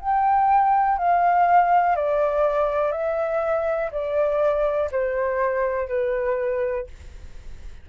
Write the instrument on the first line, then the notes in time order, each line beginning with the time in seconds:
flute
0.00 G5
0.97 F5
1.96 D5
2.92 E5
3.91 D5
4.91 C5
5.88 B4